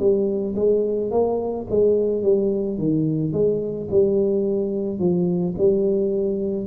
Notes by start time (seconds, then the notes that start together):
0.00 G3
0.56 G#3
1.11 A#3
1.70 G#3
2.23 G3
2.78 D#3
3.33 G#3
3.91 G3
4.99 F3
5.58 G3